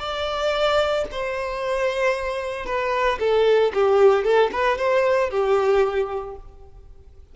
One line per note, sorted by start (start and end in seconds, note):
0.00 1.05 D5
1.12 2.66 C5
2.66 3.19 B4
3.20 3.73 A4
3.74 4.25 G4
4.25 4.51 A4
4.52 4.78 B4
4.78 5.31 C5
5.31 6.36 G4